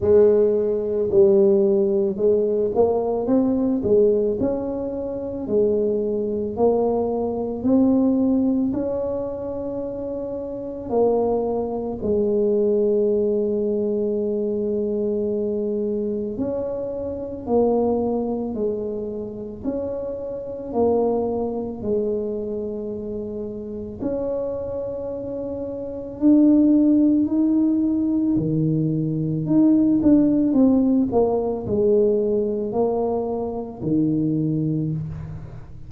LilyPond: \new Staff \with { instrumentName = "tuba" } { \time 4/4 \tempo 4 = 55 gis4 g4 gis8 ais8 c'8 gis8 | cis'4 gis4 ais4 c'4 | cis'2 ais4 gis4~ | gis2. cis'4 |
ais4 gis4 cis'4 ais4 | gis2 cis'2 | d'4 dis'4 dis4 dis'8 d'8 | c'8 ais8 gis4 ais4 dis4 | }